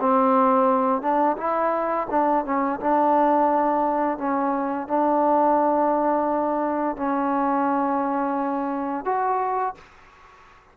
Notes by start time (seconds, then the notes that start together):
0.00 C4
1.01 D4
1.37 E4
2.10 D4
2.45 C#4
2.80 D4
4.18 C#4
4.87 D4
6.96 C#4
9.05 F#4